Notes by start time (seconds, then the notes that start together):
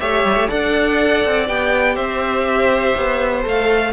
0.00 A3 G4 C#5 E5
0.25 G3
0.36 A3
0.49 D4 A4 D5 F#5
1.26 C4
1.47 B3 G4 G5
1.96 C4 C5 E5
2.97 B3
3.43 A3 A4 F5